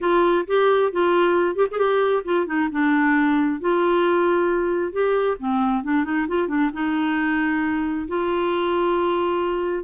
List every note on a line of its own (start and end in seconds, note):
0.00 0.45 F4
0.47 0.91 G4
0.92 1.55 F4
1.55 1.66 G4
1.71 1.78 G#4
1.78 2.23 G4
2.24 2.46 F4
2.46 2.68 D#4
2.71 3.60 D4
3.60 4.92 F4
4.92 5.37 G4
5.39 5.83 C4
5.83 6.04 D4
6.04 6.26 D#4
6.27 6.48 F4
6.48 6.70 D4
6.73 8.07 D#4
8.08 9.83 F4